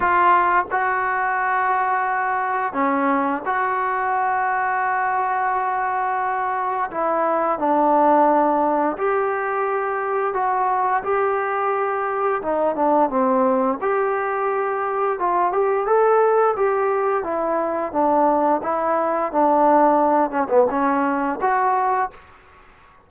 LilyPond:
\new Staff \with { instrumentName = "trombone" } { \time 4/4 \tempo 4 = 87 f'4 fis'2. | cis'4 fis'2.~ | fis'2 e'4 d'4~ | d'4 g'2 fis'4 |
g'2 dis'8 d'8 c'4 | g'2 f'8 g'8 a'4 | g'4 e'4 d'4 e'4 | d'4. cis'16 b16 cis'4 fis'4 | }